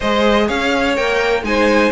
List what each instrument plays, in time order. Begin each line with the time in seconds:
0.00 cello G#3, viola G#4, violin C5 D#5
0.47 cello C#4, violin C#5 F5
0.96 cello A#3, viola A#4, violin G5
1.42 cello G#3, viola D#4, violin C5 G#5